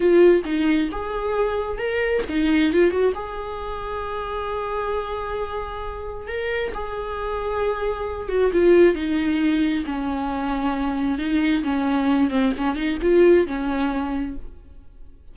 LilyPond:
\new Staff \with { instrumentName = "viola" } { \time 4/4 \tempo 4 = 134 f'4 dis'4 gis'2 | ais'4 dis'4 f'8 fis'8 gis'4~ | gis'1~ | gis'2 ais'4 gis'4~ |
gis'2~ gis'8 fis'8 f'4 | dis'2 cis'2~ | cis'4 dis'4 cis'4. c'8 | cis'8 dis'8 f'4 cis'2 | }